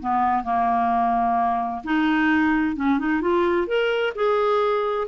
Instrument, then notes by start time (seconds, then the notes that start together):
clarinet
0.00 B3
0.44 A#3
1.84 D#4
2.76 C#4
2.99 D#4
3.21 F4
3.67 A#4
4.15 G#4